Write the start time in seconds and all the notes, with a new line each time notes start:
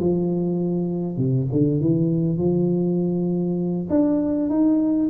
0.00 F3
1.18 C3
1.52 D3
1.81 E3
2.38 F3
3.90 D4
4.50 D#4